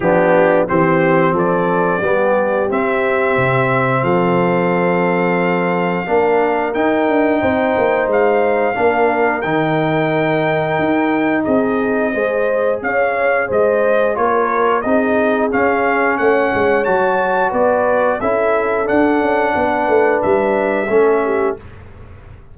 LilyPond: <<
  \new Staff \with { instrumentName = "trumpet" } { \time 4/4 \tempo 4 = 89 g'4 c''4 d''2 | e''2 f''2~ | f''2 g''2 | f''2 g''2~ |
g''4 dis''2 f''4 | dis''4 cis''4 dis''4 f''4 | fis''4 a''4 d''4 e''4 | fis''2 e''2 | }
  \new Staff \with { instrumentName = "horn" } { \time 4/4 d'4 g'4 a'4 g'4~ | g'2 a'2~ | a'4 ais'2 c''4~ | c''4 ais'2.~ |
ais'4 gis'4 c''4 cis''4 | c''4 ais'4 gis'2 | cis''2 b'4 a'4~ | a'4 b'2 a'8 g'8 | }
  \new Staff \with { instrumentName = "trombone" } { \time 4/4 b4 c'2 b4 | c'1~ | c'4 d'4 dis'2~ | dis'4 d'4 dis'2~ |
dis'2 gis'2~ | gis'4 f'4 dis'4 cis'4~ | cis'4 fis'2 e'4 | d'2. cis'4 | }
  \new Staff \with { instrumentName = "tuba" } { \time 4/4 f4 e4 f4 g4 | c'4 c4 f2~ | f4 ais4 dis'8 d'8 c'8 ais8 | gis4 ais4 dis2 |
dis'4 c'4 gis4 cis'4 | gis4 ais4 c'4 cis'4 | a8 gis8 fis4 b4 cis'4 | d'8 cis'8 b8 a8 g4 a4 | }
>>